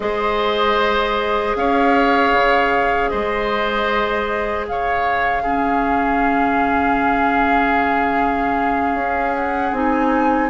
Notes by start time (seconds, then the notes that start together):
0.00 G#3 G#4 C5 D#5
1.55 C#4 C#5 F5
2.32 C#3
3.09 G#3 C5 D#5
4.68 C#3 C#5 F5
5.43 C#4 G#4
8.94 C#4
9.35 F#5
9.72 C4 D#4 G#5